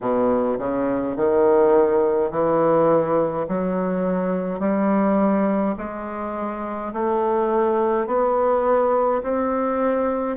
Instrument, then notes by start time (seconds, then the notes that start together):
bassoon
0.00 B2
0.58 C#3
1.16 D#3
2.31 E3
3.48 F#3
4.59 G3
5.77 G#3
6.93 A3
8.06 B3
9.23 C4